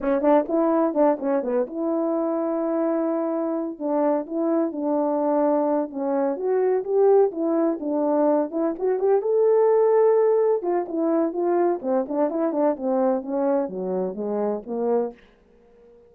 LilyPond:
\new Staff \with { instrumentName = "horn" } { \time 4/4 \tempo 4 = 127 cis'8 d'8 e'4 d'8 cis'8 b8 e'8~ | e'1 | d'4 e'4 d'2~ | d'8 cis'4 fis'4 g'4 e'8~ |
e'8 d'4. e'8 fis'8 g'8 a'8~ | a'2~ a'8 f'8 e'4 | f'4 c'8 d'8 e'8 d'8 c'4 | cis'4 fis4 gis4 ais4 | }